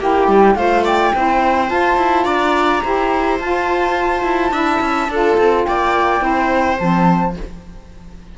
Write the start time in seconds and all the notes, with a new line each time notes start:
0.00 A#3 E4 G4 G5
0.28 G3
0.55 A3 F4 C5 F5
0.85 D5 G5
1.15 C4 E4 C5
1.68 F4 A5
1.98 E4
2.25 D4 D5 A#5
2.83 E4 G4 C5
3.40 F4 A5
4.24 E4
4.52 D4 E4 E5
4.81 C#4
5.09 D4 F4 A4
5.38 C4
5.65 A#3 D5 G5
6.19 C4 E4 C5
6.79 F3 C4 A5